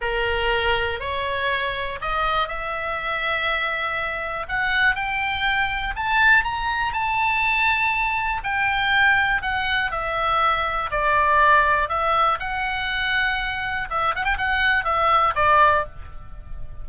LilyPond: \new Staff \with { instrumentName = "oboe" } { \time 4/4 \tempo 4 = 121 ais'2 cis''2 | dis''4 e''2.~ | e''4 fis''4 g''2 | a''4 ais''4 a''2~ |
a''4 g''2 fis''4 | e''2 d''2 | e''4 fis''2. | e''8 fis''16 g''16 fis''4 e''4 d''4 | }